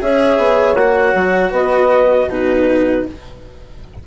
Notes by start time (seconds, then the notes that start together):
0.00 C#4 G#4 C#5 E5
0.38 B3
0.75 A#3 F#4 F#5
1.14 F#3
1.51 B3 B4 D#5
2.28 B2 D#4 F#4 B4